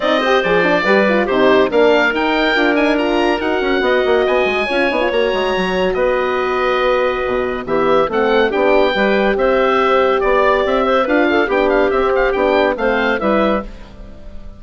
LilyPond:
<<
  \new Staff \with { instrumentName = "oboe" } { \time 4/4 \tempo 4 = 141 dis''4 d''2 c''4 | f''4 g''4. gis''8 ais''4 | fis''2 gis''2 | ais''2 dis''2~ |
dis''2 e''4 fis''4 | g''2 e''2 | d''4 e''4 f''4 g''8 f''8 | e''8 f''8 g''4 f''4 e''4 | }
  \new Staff \with { instrumentName = "clarinet" } { \time 4/4 d''8 c''4. b'4 g'4 | ais'1~ | ais'4 dis''2 cis''4~ | cis''2 b'2~ |
b'2 g'4 a'4 | g'4 b'4 c''2 | d''4. c''8 b'8 a'8 g'4~ | g'2 c''4 b'4 | }
  \new Staff \with { instrumentName = "horn" } { \time 4/4 dis'8 g'8 gis'8 d'8 g'8 f'8 dis'4 | d'4 dis'4 f'8 dis'8 f'4 | fis'2. f'8 dis'16 f'16 | fis'1~ |
fis'2 b4 c'4 | d'4 g'2.~ | g'2 f'4 d'4 | c'4 d'4 c'4 e'4 | }
  \new Staff \with { instrumentName = "bassoon" } { \time 4/4 c'4 f4 g4 c4 | ais4 dis'4 d'2 | dis'8 cis'8 b8 ais8 b8 gis8 cis'8 b8 | ais8 gis8 fis4 b2~ |
b4 b,4 e4 a4 | b4 g4 c'2 | b4 c'4 d'4 b4 | c'4 b4 a4 g4 | }
>>